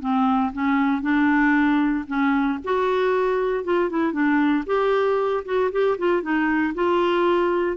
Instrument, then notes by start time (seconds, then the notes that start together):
clarinet
0.00 C4
0.53 C#4
1.01 D4
2.07 C#4
2.64 F#4
3.64 F4
3.89 E4
4.12 D4
4.66 G4
5.45 F#4
5.71 G4
5.98 F4
6.22 D#4
6.74 F4